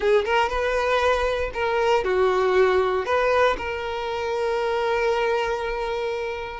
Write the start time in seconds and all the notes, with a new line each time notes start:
0.00 G#4
0.25 A#4
0.49 B4
1.53 A#4
2.03 F#4
3.05 B4
3.57 A#4